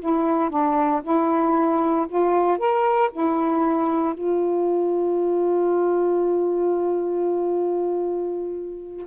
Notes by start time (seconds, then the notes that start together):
0.00 E4
0.50 D4
1.03 E4
2.09 F4
2.59 A#4
3.12 E4
4.14 F4